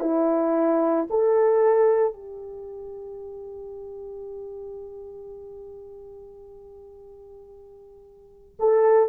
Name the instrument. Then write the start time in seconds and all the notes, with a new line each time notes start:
horn
0.00 E4
1.10 A4
2.13 G4
8.59 A4